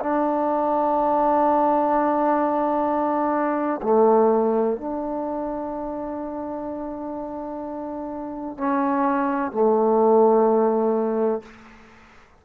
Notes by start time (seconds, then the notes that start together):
0.00 D4
3.83 A3
4.77 D4
8.58 C#4
9.52 A3